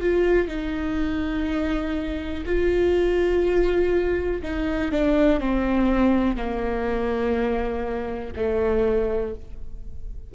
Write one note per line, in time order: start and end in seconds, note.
0.00 0.47 F4
0.47 2.44 D#4
2.45 4.42 F4
4.42 4.91 D#4
4.91 5.40 D4
5.40 6.36 C4
6.36 8.32 A#3
8.36 9.34 A3